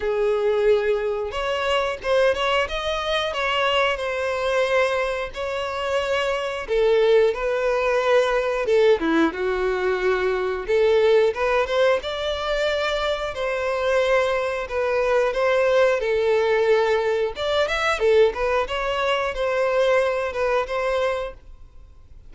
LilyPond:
\new Staff \with { instrumentName = "violin" } { \time 4/4 \tempo 4 = 90 gis'2 cis''4 c''8 cis''8 | dis''4 cis''4 c''2 | cis''2 a'4 b'4~ | b'4 a'8 e'8 fis'2 |
a'4 b'8 c''8 d''2 | c''2 b'4 c''4 | a'2 d''8 e''8 a'8 b'8 | cis''4 c''4. b'8 c''4 | }